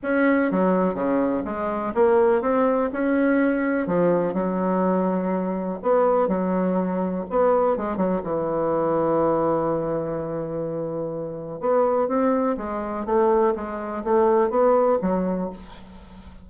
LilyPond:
\new Staff \with { instrumentName = "bassoon" } { \time 4/4 \tempo 4 = 124 cis'4 fis4 cis4 gis4 | ais4 c'4 cis'2 | f4 fis2. | b4 fis2 b4 |
gis8 fis8 e2.~ | e1 | b4 c'4 gis4 a4 | gis4 a4 b4 fis4 | }